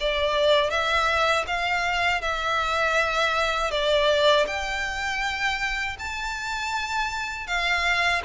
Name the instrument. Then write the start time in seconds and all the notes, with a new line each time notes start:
violin
0.00 D5
0.70 E5
1.47 F5
2.21 E5
3.71 D5
4.47 G5
5.99 A5
7.47 F5